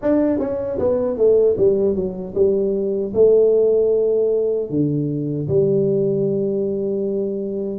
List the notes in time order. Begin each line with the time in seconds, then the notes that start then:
0.02 D4
0.39 C#4
0.79 B3
1.17 A3
1.57 G3
1.95 F#3
2.34 G3
3.14 A3
4.70 D3
5.48 G3